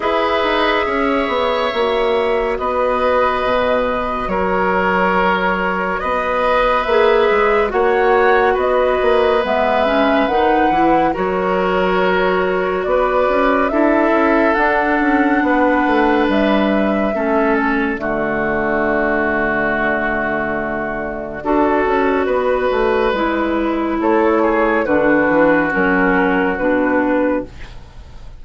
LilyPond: <<
  \new Staff \with { instrumentName = "flute" } { \time 4/4 \tempo 4 = 70 e''2. dis''4~ | dis''4 cis''2 dis''4 | e''4 fis''4 dis''4 e''4 | fis''4 cis''2 d''4 |
e''4 fis''2 e''4~ | e''8 d''2.~ d''8~ | d''1 | cis''4 b'4 ais'4 b'4 | }
  \new Staff \with { instrumentName = "oboe" } { \time 4/4 b'4 cis''2 b'4~ | b'4 ais'2 b'4~ | b'4 cis''4 b'2~ | b'4 ais'2 b'4 |
a'2 b'2 | a'4 fis'2.~ | fis'4 a'4 b'2 | a'8 gis'8 fis'2. | }
  \new Staff \with { instrumentName = "clarinet" } { \time 4/4 gis'2 fis'2~ | fis'1 | gis'4 fis'2 b8 cis'8 | dis'8 e'8 fis'2. |
e'4 d'2. | cis'4 a2.~ | a4 fis'2 e'4~ | e'4 d'4 cis'4 d'4 | }
  \new Staff \with { instrumentName = "bassoon" } { \time 4/4 e'8 dis'8 cis'8 b8 ais4 b4 | b,4 fis2 b4 | ais8 gis8 ais4 b8 ais8 gis4 | dis8 e8 fis2 b8 cis'8 |
d'8 cis'8 d'8 cis'8 b8 a8 g4 | a4 d2.~ | d4 d'8 cis'8 b8 a8 gis4 | a4 d8 e8 fis4 b,4 | }
>>